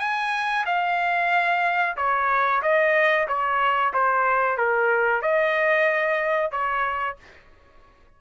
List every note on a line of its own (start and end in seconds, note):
0.00 0.65 G#5
0.66 1.97 F5
1.97 2.62 C#5
2.63 3.28 D#5
3.28 3.94 C#5
3.94 4.58 C5
4.58 5.22 A#4
5.22 6.52 D#5
6.52 7.17 C#5